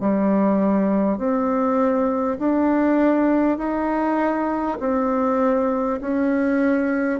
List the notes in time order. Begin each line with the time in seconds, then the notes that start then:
0.00 G3
1.18 C4
2.39 D4
3.58 D#4
4.79 C4
6.01 C#4